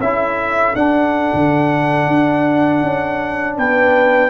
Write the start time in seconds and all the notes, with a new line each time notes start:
0.00 C#4 E4 A4 E5
0.76 D4 F#5
1.34 D3
2.08 D4
2.83 C#4
3.57 B3 B4 G5